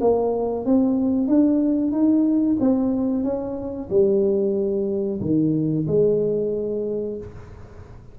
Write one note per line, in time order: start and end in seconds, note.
0.00 0.65 A#3
0.65 1.27 C4
1.27 1.91 D4
1.91 2.56 D#4
2.60 3.23 C4
3.23 3.89 C#4
3.90 5.20 G3
5.21 5.86 D#3
5.87 7.17 G#3